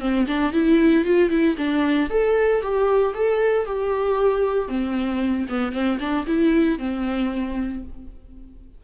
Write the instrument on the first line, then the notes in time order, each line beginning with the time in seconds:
viola
0.00 C4
0.28 D4
0.52 E4
1.05 F4
1.30 E4
1.57 D4
2.10 A4
2.62 G4
3.14 A4
3.65 G4
4.68 C4
5.49 B3
5.72 C4
6.00 D4
6.26 E4
6.78 C4